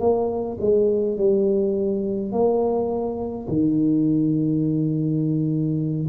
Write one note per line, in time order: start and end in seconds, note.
0.00 0.58 A#3
0.61 1.17 G#3
1.17 2.32 G3
2.32 3.47 A#3
3.48 6.07 D#3